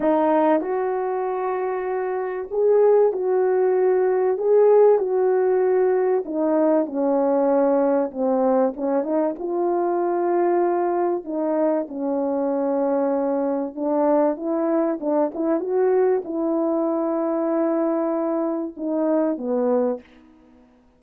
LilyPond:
\new Staff \with { instrumentName = "horn" } { \time 4/4 \tempo 4 = 96 dis'4 fis'2. | gis'4 fis'2 gis'4 | fis'2 dis'4 cis'4~ | cis'4 c'4 cis'8 dis'8 f'4~ |
f'2 dis'4 cis'4~ | cis'2 d'4 e'4 | d'8 e'8 fis'4 e'2~ | e'2 dis'4 b4 | }